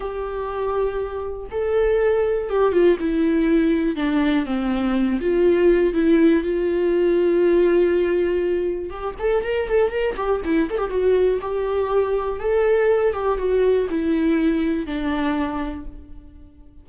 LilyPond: \new Staff \with { instrumentName = "viola" } { \time 4/4 \tempo 4 = 121 g'2. a'4~ | a'4 g'8 f'8 e'2 | d'4 c'4. f'4. | e'4 f'2.~ |
f'2 g'8 a'8 ais'8 a'8 | ais'8 g'8 e'8 a'16 g'16 fis'4 g'4~ | g'4 a'4. g'8 fis'4 | e'2 d'2 | }